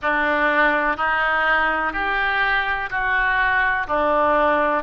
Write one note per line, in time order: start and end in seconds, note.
0.02 0.96 D4
0.96 1.93 D#4
1.93 2.89 G4
2.89 3.86 F#4
3.87 4.83 D4